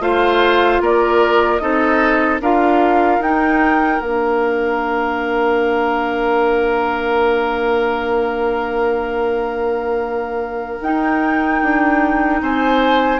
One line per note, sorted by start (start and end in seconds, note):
0.00 0.80 A3
0.00 1.60 F4
0.00 0.82 C5
0.00 0.82 F5
0.81 1.61 A#3
0.81 1.61 A#4
0.81 1.58 D5
1.58 2.40 C4
1.58 2.40 D#4
1.58 2.41 A4
1.58 2.38 D#5
2.40 3.19 D4
2.40 3.22 F4
2.40 12.42 A#4
2.40 3.22 F5
3.19 3.99 D#4
3.19 4.01 D#4
3.19 4.01 G5
3.99 10.79 A#3
3.99 10.81 D4
3.99 10.81 F5
10.81 11.61 D#4
10.81 13.20 D#4
10.81 12.42 G5
11.62 12.42 D4
12.42 13.20 C4
12.42 13.20 C5
12.42 13.20 G#5